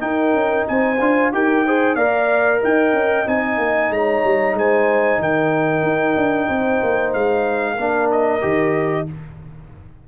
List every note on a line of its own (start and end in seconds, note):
0.00 0.97 D#4
0.00 0.33 D#4
0.00 0.69 A#4
0.00 0.66 G5
0.33 0.66 C#4
0.68 1.00 C4
0.68 1.34 C5
0.68 1.33 G#5
1.00 1.32 D4
1.00 1.33 F4
1.32 1.96 D#4
1.32 1.65 G4
1.32 1.67 A#4
1.32 1.96 G5
1.67 1.98 G#4
1.67 1.96 C5
1.96 2.60 A#3
1.96 3.26 A#4
1.96 2.60 D5
1.96 2.60 F5
2.61 2.93 D#4
2.61 3.90 D#5
2.61 3.28 G5
2.93 3.26 C#4
3.26 3.58 C4
3.26 7.78 D#4
3.26 3.93 G#5
3.58 3.90 A#3
3.90 4.23 G#3
3.90 4.57 C#5
3.90 4.58 A#5
4.24 4.54 G3
4.54 5.18 G#3
4.54 5.20 C5
4.54 5.22 G#5
5.19 5.83 D#3
5.19 6.49 A#4
5.19 7.13 G5
5.83 6.16 D#4
6.16 6.49 D4
6.49 6.81 C4
6.49 7.74 C5
6.83 7.14 A#3
7.13 7.78 G#3
7.13 8.10 F5
7.74 8.42 A#3
7.74 8.42 D4
7.74 9.03 A#4
8.12 9.08 D#5
8.42 9.08 D#3
8.42 9.06 G4